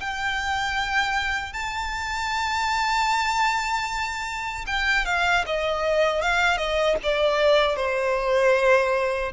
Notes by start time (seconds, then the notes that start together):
0.00 G5
1.53 A5
4.66 G5
5.05 F5
5.46 D#5
6.22 F5
6.57 D#5
7.03 D5
7.76 C5